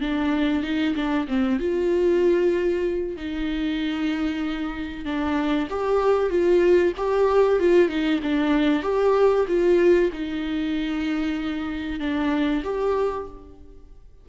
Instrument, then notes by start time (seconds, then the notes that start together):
viola
0.00 D4
0.63 D#4
0.95 D4
1.27 C4
1.59 F4
3.16 D#4
5.05 D4
5.69 G4
6.29 F4
6.96 G4
7.59 F4
7.88 D#4
8.22 D4
8.82 G4
9.47 F4
10.12 D#4
11.99 D4
12.63 G4